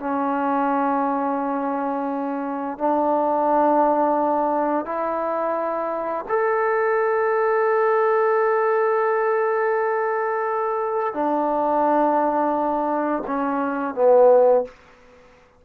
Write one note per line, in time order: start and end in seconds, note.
0.00 2.78 C#4
2.78 4.86 D4
4.86 6.25 E4
6.29 11.14 A4
11.14 13.24 D4
13.27 13.95 C#4
13.95 14.65 B3